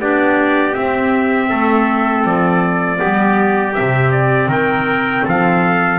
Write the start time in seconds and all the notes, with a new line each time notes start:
0.00 B3 D4 G4 D5
0.74 C4 E5
1.50 A3 A4
2.25 F3 D5
2.97 B3 G4
3.03 G3
3.74 C4 E5
3.80 C3
4.12 D5
4.47 D#3 A#4 G5
5.25 F3 A4 F5